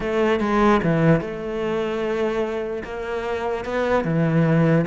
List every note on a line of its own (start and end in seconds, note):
0.00 0.40 A3
0.40 0.80 G#3
0.83 1.21 E3
1.21 2.83 A3
2.83 3.64 A#3
3.64 4.04 B3
4.04 4.85 E3